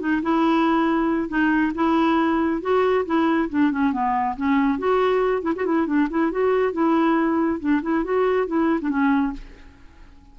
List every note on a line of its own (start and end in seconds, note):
0.00 0.22 D#4
0.22 1.29 E4
1.29 1.72 D#4
1.75 2.61 E4
2.61 3.05 F#4
3.06 3.49 E4
3.50 3.71 D4
3.71 3.92 C#4
3.92 4.36 B3
4.37 4.79 C#4
4.79 5.42 F#4
5.42 5.53 E4
5.56 5.65 F#4
5.65 5.87 E4
5.87 6.08 D4
6.10 6.31 E4
6.31 6.73 F#4
6.73 7.60 E4
7.60 7.82 D4
7.82 8.04 E4
8.04 8.47 F#4
8.47 8.80 E4
8.81 8.90 D4
8.90 9.33 C#4